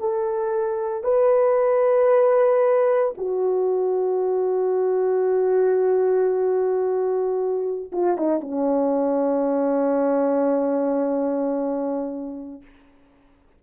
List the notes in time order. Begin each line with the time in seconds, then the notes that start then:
0.00 A4
1.04 B4
3.18 F#4
7.93 F4
8.17 D#4
8.41 C#4